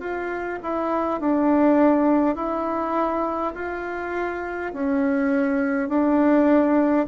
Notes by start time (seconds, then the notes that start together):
0.00 F4
0.63 E4
1.20 D4
2.36 E4
3.55 F4
4.73 C#4
5.89 D4